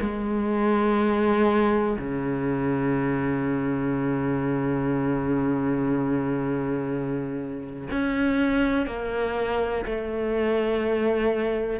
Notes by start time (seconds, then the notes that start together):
0.00 G#3
1.98 C#3
7.91 C#4
8.86 A#3
9.85 A3